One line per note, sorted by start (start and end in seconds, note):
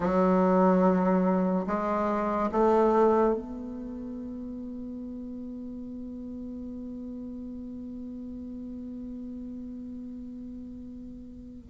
0.00 1.66 F#3
1.66 2.50 G#3
2.51 3.34 A3
3.34 11.67 B3